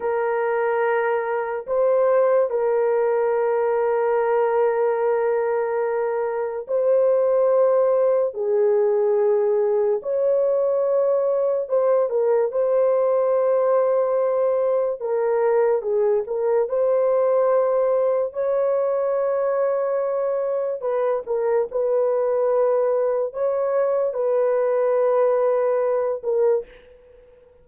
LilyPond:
\new Staff \with { instrumentName = "horn" } { \time 4/4 \tempo 4 = 72 ais'2 c''4 ais'4~ | ais'1 | c''2 gis'2 | cis''2 c''8 ais'8 c''4~ |
c''2 ais'4 gis'8 ais'8 | c''2 cis''2~ | cis''4 b'8 ais'8 b'2 | cis''4 b'2~ b'8 ais'8 | }